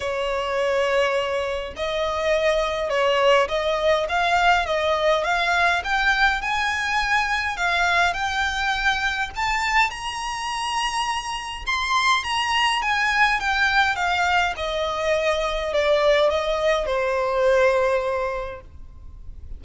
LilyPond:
\new Staff \with { instrumentName = "violin" } { \time 4/4 \tempo 4 = 103 cis''2. dis''4~ | dis''4 cis''4 dis''4 f''4 | dis''4 f''4 g''4 gis''4~ | gis''4 f''4 g''2 |
a''4 ais''2. | c'''4 ais''4 gis''4 g''4 | f''4 dis''2 d''4 | dis''4 c''2. | }